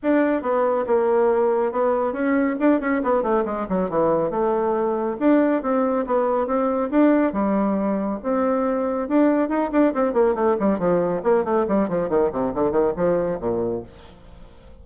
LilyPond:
\new Staff \with { instrumentName = "bassoon" } { \time 4/4 \tempo 4 = 139 d'4 b4 ais2 | b4 cis'4 d'8 cis'8 b8 a8 | gis8 fis8 e4 a2 | d'4 c'4 b4 c'4 |
d'4 g2 c'4~ | c'4 d'4 dis'8 d'8 c'8 ais8 | a8 g8 f4 ais8 a8 g8 f8 | dis8 c8 d8 dis8 f4 ais,4 | }